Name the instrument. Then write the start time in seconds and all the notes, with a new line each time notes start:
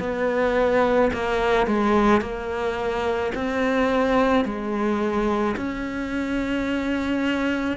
cello
0.00 B3
1.14 A#3
1.67 G#3
2.22 A#3
3.35 C4
4.45 G#3
5.57 C#4